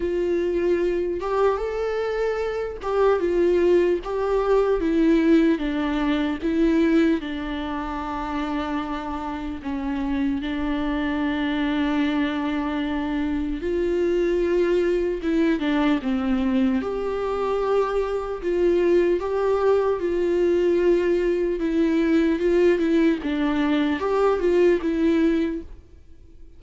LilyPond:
\new Staff \with { instrumentName = "viola" } { \time 4/4 \tempo 4 = 75 f'4. g'8 a'4. g'8 | f'4 g'4 e'4 d'4 | e'4 d'2. | cis'4 d'2.~ |
d'4 f'2 e'8 d'8 | c'4 g'2 f'4 | g'4 f'2 e'4 | f'8 e'8 d'4 g'8 f'8 e'4 | }